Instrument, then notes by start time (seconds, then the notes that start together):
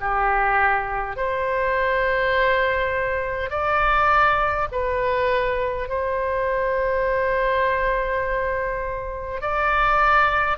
oboe
0.00 G4
1.17 C5
3.50 D5
4.72 B4
5.89 C5
9.41 D5